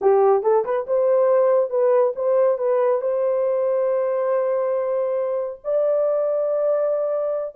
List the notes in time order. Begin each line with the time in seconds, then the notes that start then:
0.01 G4
0.42 A4
0.65 B4
0.86 C5
1.70 B4
2.15 C5
2.58 B4
3.01 C5
5.64 D5